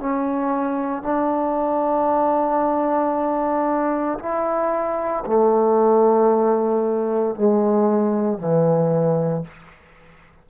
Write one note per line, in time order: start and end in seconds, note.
0.00 1.03 C#4
1.03 4.19 D4
4.19 5.24 E4
5.26 7.35 A3
7.35 8.38 G#3
8.38 9.44 E3